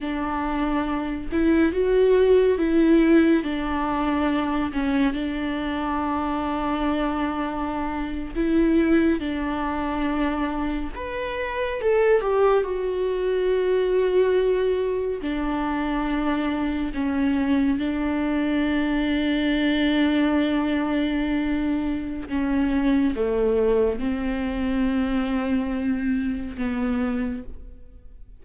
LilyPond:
\new Staff \with { instrumentName = "viola" } { \time 4/4 \tempo 4 = 70 d'4. e'8 fis'4 e'4 | d'4. cis'8 d'2~ | d'4.~ d'16 e'4 d'4~ d'16~ | d'8. b'4 a'8 g'8 fis'4~ fis'16~ |
fis'4.~ fis'16 d'2 cis'16~ | cis'8. d'2.~ d'16~ | d'2 cis'4 a4 | c'2. b4 | }